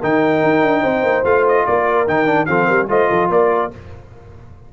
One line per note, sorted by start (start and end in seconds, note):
0.00 0.44 D#3
0.00 1.25 D#4
0.00 0.82 A#4
0.00 1.26 G5
0.44 0.63 D#4
0.63 0.83 D4
0.82 1.04 C4
0.82 1.64 C5
1.04 1.24 A#3
1.25 1.66 A3
1.25 2.07 F4
1.25 1.46 F5
1.48 1.67 D#5
1.67 2.08 A#3
1.67 2.49 A#4
1.67 2.08 D5
2.08 2.49 D#3
2.08 2.26 D#4
2.08 2.46 G5
2.26 2.47 D4
2.46 2.70 F3
2.46 2.89 C4
2.46 2.67 A4
2.46 2.87 F5
2.67 2.89 G3
2.67 2.87 A#4
2.89 3.10 A3
2.89 3.71 F4
2.89 3.10 C5
2.89 3.32 D#5
3.10 3.30 F3
3.10 3.30 A4
3.30 3.71 A#3
3.30 3.74 A#4
3.30 3.73 D5